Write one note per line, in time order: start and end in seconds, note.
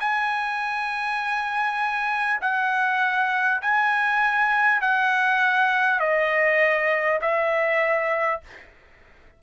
0.00 2.40 G#5
2.41 3.61 F#5
3.61 4.81 G#5
4.81 5.99 F#5
5.99 7.19 D#5
7.21 8.41 E5